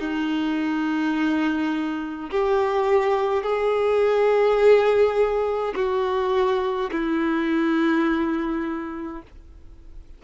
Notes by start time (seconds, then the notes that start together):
0.00 D#4
2.31 G4
3.43 G#4
5.76 F#4
6.92 E4